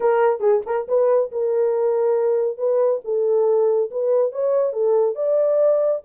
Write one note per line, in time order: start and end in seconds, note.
0.00 0.40 A#4
0.40 0.61 G#4
0.66 0.87 A#4
0.88 1.31 B4
1.31 2.57 A#4
2.57 3.00 B4
3.04 3.90 A4
3.91 4.31 B4
4.31 4.73 C#5
4.73 5.15 A4
5.15 6.01 D5